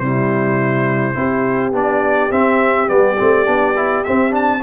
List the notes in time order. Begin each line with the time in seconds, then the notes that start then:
0.00 C3 G3 E4 C5
1.15 C4 E4 G4
1.72 B3 D4 D5
2.31 C4 E5
2.88 G3 B3 D5
3.19 A3 C4
3.46 B3 D4
3.76 E4
4.04 C4 E5
4.30 D4 A5